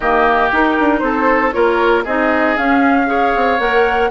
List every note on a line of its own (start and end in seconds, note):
0.00 0.51 D#3
0.00 0.53 A#3
0.00 0.99 G4
0.00 0.50 D#5
0.52 0.77 D#4
0.52 1.53 D#4
0.52 0.99 A#4
0.79 1.01 D4
0.99 1.52 C4
0.99 1.54 A4
0.99 1.50 C5
1.52 2.05 A#3
1.52 2.04 F4
1.52 2.03 A#4
1.52 2.03 C#5
2.03 2.57 C4
2.03 2.57 D#4
2.03 3.06 G#4
2.03 2.56 D#5
2.57 3.06 C#4
2.57 3.34 C#4
2.57 3.59 F5
3.06 3.57 G#4
3.06 4.10 C#5
3.35 3.59 C4
3.59 4.10 A#3
3.59 4.10 A#4
3.59 4.10 F#5